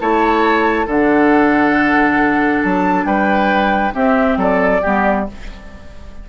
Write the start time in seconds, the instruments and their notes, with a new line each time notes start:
0.00 bassoon A3, clarinet E4, oboe C#5, flute A5
0.87 bassoon D3, clarinet D4, oboe A4, flute F#5
2.63 bassoon F#3, flute A5
3.05 bassoon G3, oboe B4, flute G5
3.93 clarinet C4, bassoon C4, oboe G4, flute E5
4.37 bassoon F#3, oboe A4, flute D5
4.82 bassoon G3, clarinet B3, oboe G4